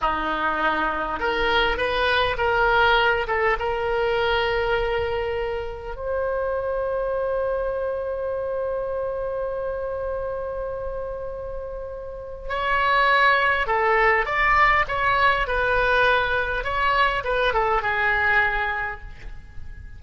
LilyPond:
\new Staff \with { instrumentName = "oboe" } { \time 4/4 \tempo 4 = 101 dis'2 ais'4 b'4 | ais'4. a'8 ais'2~ | ais'2 c''2~ | c''1~ |
c''1~ | c''4 cis''2 a'4 | d''4 cis''4 b'2 | cis''4 b'8 a'8 gis'2 | }